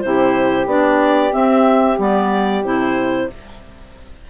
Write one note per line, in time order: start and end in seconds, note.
0.00 0.66 C3
0.00 0.67 E4
0.00 3.30 G4
0.00 0.65 C5
0.66 1.31 B3
0.66 1.30 D4
0.66 1.33 D5
1.30 1.96 C4
1.30 1.98 C4
1.30 1.98 E5
1.98 2.63 G3
1.98 2.64 B3
1.98 2.64 D5
2.63 3.29 C3
2.63 3.29 E4
2.63 3.29 C5